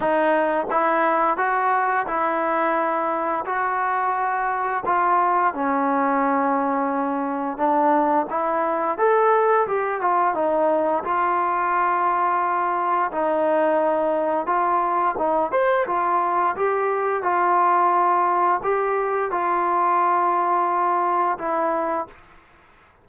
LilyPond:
\new Staff \with { instrumentName = "trombone" } { \time 4/4 \tempo 4 = 87 dis'4 e'4 fis'4 e'4~ | e'4 fis'2 f'4 | cis'2. d'4 | e'4 a'4 g'8 f'8 dis'4 |
f'2. dis'4~ | dis'4 f'4 dis'8 c''8 f'4 | g'4 f'2 g'4 | f'2. e'4 | }